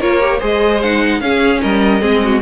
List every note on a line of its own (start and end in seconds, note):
0.00 0.42 A#3
0.00 0.20 F4
0.00 0.39 A#4
0.00 0.41 C#5
0.20 0.40 G4
0.39 1.21 G#3
0.39 0.81 G#4
0.39 1.19 C5
0.45 0.82 D#5
0.82 1.22 D#4
0.82 1.21 F#5
1.21 1.61 C#4
1.21 2.01 C#4
1.21 1.62 G#4
1.21 1.61 F5
1.62 2.03 G3
1.62 2.02 A#4
1.62 2.42 D#5
2.01 2.43 G#3
2.01 2.41 C4
2.01 2.22 G#4
2.24 2.43 F#4